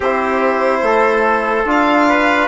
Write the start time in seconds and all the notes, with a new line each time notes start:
0.00 C4 E4 G4 C5
0.82 A3 A4
1.65 D4 F4 F5
2.08 B4